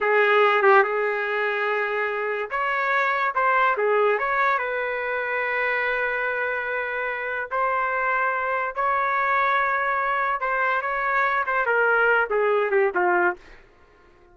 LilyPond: \new Staff \with { instrumentName = "trumpet" } { \time 4/4 \tempo 4 = 144 gis'4. g'8 gis'2~ | gis'2 cis''2 | c''4 gis'4 cis''4 b'4~ | b'1~ |
b'2 c''2~ | c''4 cis''2.~ | cis''4 c''4 cis''4. c''8 | ais'4. gis'4 g'8 f'4 | }